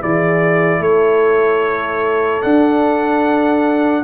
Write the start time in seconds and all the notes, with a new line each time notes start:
0.00 E3 E4 G#4 D5
0.79 A3 A4 C#5
2.42 D4 F#5